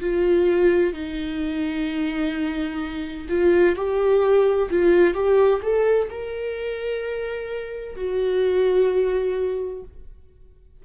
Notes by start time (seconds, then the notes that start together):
0.00 F4
0.93 D#4
3.28 F4
3.75 G4
4.70 F4
5.13 G4
5.62 A4
6.09 A#4
7.95 F#4